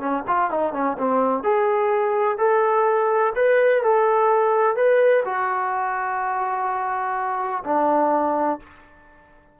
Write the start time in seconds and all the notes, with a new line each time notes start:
0.00 C#4
0.28 F4
0.51 D#4
0.73 C#4
0.99 C4
1.44 G#4
2.38 A4
3.36 B4
3.83 A4
4.76 B4
5.26 F#4
7.65 D4